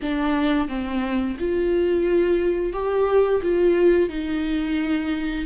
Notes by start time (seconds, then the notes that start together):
0.02 D4
0.68 C4
1.39 F4
2.73 G4
3.42 F4
4.09 D#4